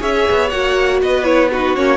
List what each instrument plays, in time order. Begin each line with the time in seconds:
0.00 cello C#4, viola G#4, violin C#5 E5
0.31 cello B3
0.50 cello A#3, viola F#4, violin F#5
1.02 cello B3, violin B4 D#5
1.24 viola E4, violin C#5
1.51 viola D#4, violin F#4 B4
1.76 cello A#3, viola C#4, violin C#5